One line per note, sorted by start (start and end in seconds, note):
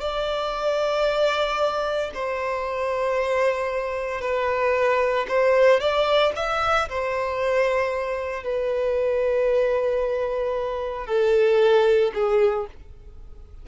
0.00 2.11 D5
2.14 4.21 C5
4.21 5.26 B4
5.28 5.80 C5
5.80 6.33 D5
6.35 6.88 E5
6.89 8.43 C5
8.43 11.06 B4
11.06 12.11 A4
12.14 12.67 G#4